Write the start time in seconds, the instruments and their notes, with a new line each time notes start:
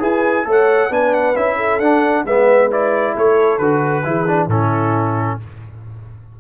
0.00 tuba E4, trombone G#4, horn B4, trumpet G#5
0.45 tuba A3, trombone A4, horn C#5
0.51 trumpet F#5
0.90 tuba B3, trombone D4, horn B4, trumpet G#5
1.14 trumpet F#5
1.36 tuba C#4, trombone E4, trumpet E5
1.57 horn A4
1.80 tuba D4, trombone D4, trumpet F#5
2.25 tuba G#3, trombone B3, horn B4, trumpet E5
2.71 trombone E4, trumpet D5
3.14 tuba A3, horn A4, trumpet C#5
3.58 tuba D3, trombone F#4, trumpet B4
4.04 tuba E3, trombone E4, horn G#4
4.27 trombone D4
4.47 tuba A2, trombone C#4, horn E4, trumpet A4